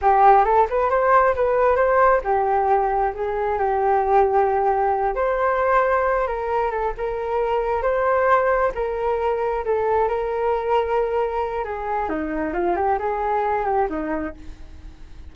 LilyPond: \new Staff \with { instrumentName = "flute" } { \time 4/4 \tempo 4 = 134 g'4 a'8 b'8 c''4 b'4 | c''4 g'2 gis'4 | g'2.~ g'8 c''8~ | c''2 ais'4 a'8 ais'8~ |
ais'4. c''2 ais'8~ | ais'4. a'4 ais'4.~ | ais'2 gis'4 dis'4 | f'8 g'8 gis'4. g'8 dis'4 | }